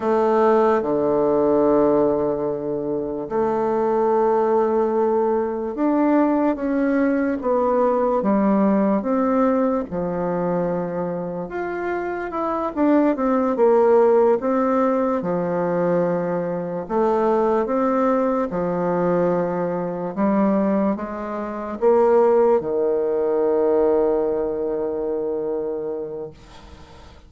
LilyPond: \new Staff \with { instrumentName = "bassoon" } { \time 4/4 \tempo 4 = 73 a4 d2. | a2. d'4 | cis'4 b4 g4 c'4 | f2 f'4 e'8 d'8 |
c'8 ais4 c'4 f4.~ | f8 a4 c'4 f4.~ | f8 g4 gis4 ais4 dis8~ | dis1 | }